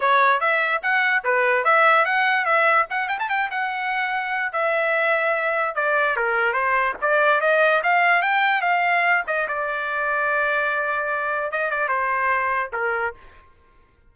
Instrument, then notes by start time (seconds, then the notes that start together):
trumpet
0.00 C#5
0.40 E5
0.82 F#5
1.24 B4
1.64 E5
2.05 F#5
2.45 E5
2.90 F#5
3.08 G5
3.19 A5
3.29 G5
3.51 F#5
4.52 E5
5.75 D5
6.16 A#4
6.53 C5
7.01 D5
7.40 D#5
7.83 F5
8.22 G5
8.61 F5
9.27 D#5
9.48 D5
11.51 D#5
11.70 D5
11.88 C5
12.72 A#4